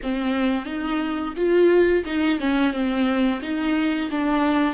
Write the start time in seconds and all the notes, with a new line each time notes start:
0.02 C4
0.65 D#4
1.36 F4
2.05 D#4
2.40 C#4
2.73 C4
3.42 D#4
4.10 D4